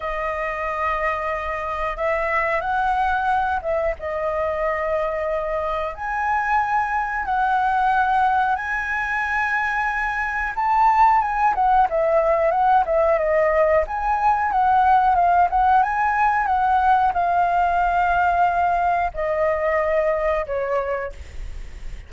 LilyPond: \new Staff \with { instrumentName = "flute" } { \time 4/4 \tempo 4 = 91 dis''2. e''4 | fis''4. e''8 dis''2~ | dis''4 gis''2 fis''4~ | fis''4 gis''2. |
a''4 gis''8 fis''8 e''4 fis''8 e''8 | dis''4 gis''4 fis''4 f''8 fis''8 | gis''4 fis''4 f''2~ | f''4 dis''2 cis''4 | }